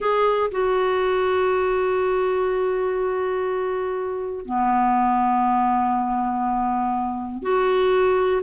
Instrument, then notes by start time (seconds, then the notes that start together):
clarinet
0.00 G#4
0.51 F#4
4.45 B3
7.42 F#4